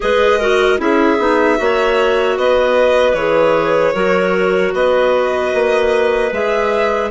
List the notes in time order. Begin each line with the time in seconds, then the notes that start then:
0.00 G#3 G#4 B4 D#5
0.39 F#4 A#4
0.77 C#4 E4 G#4 E5
1.18 B3 D#4
1.57 A#3 F#4 C#5
2.37 B3 B4 D#5
3.13 E3 G#4 C#5
3.93 F#3 F#4 A#4
4.73 B3 B4 D#5
5.54 A#3
6.32 G#3 G#4 E5